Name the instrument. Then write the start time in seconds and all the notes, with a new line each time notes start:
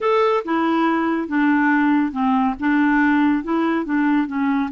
clarinet
0.00 A4
0.44 E4
1.28 D4
2.12 C4
2.59 D4
3.43 E4
3.85 D4
4.27 C#4